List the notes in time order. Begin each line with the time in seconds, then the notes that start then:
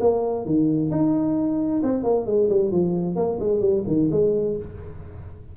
0.00 A#3
0.45 D#3
0.91 D#4
1.83 C4
2.03 A#3
2.26 G#3
2.49 G3
2.71 F3
3.16 A#3
3.39 G#3
3.61 G3
3.87 D#3
4.11 G#3